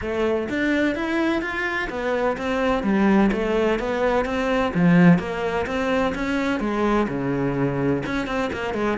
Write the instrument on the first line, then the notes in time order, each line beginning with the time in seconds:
cello
0.01 A3
0.49 D4
0.95 E4
1.41 F4
1.89 B3
2.37 C4
2.83 G3
3.32 A3
3.79 B3
4.25 C4
4.74 F3
5.18 A#3
5.66 C4
6.14 C#4
6.59 G#3
7.08 C#3
8.06 C#4
8.26 C4
8.53 A#3
8.74 G#3